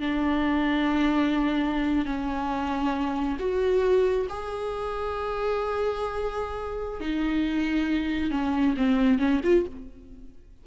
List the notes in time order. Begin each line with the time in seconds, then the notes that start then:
0.00 D4
2.05 C#4
3.39 F#4
4.29 G#4
7.00 D#4
8.31 C#4
8.77 C4
9.19 C#4
9.44 F4